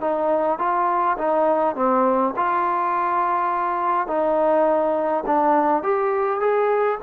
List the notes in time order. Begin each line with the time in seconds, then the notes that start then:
0.00 D#4
0.58 F4
1.18 D#4
1.75 C4
2.36 F4
4.07 D#4
5.26 D4
5.83 G4
6.40 G#4